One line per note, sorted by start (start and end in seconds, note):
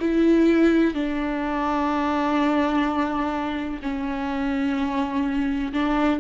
0.00 0.94 E4
0.94 3.80 D4
3.82 5.73 C#4
5.73 6.20 D4